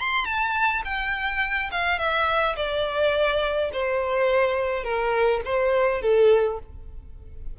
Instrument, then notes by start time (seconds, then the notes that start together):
violin
0.00 C6
0.25 A5
0.84 G5
1.71 F5
1.98 E5
2.56 D5
3.72 C5
4.84 A#4
5.44 C5
6.01 A4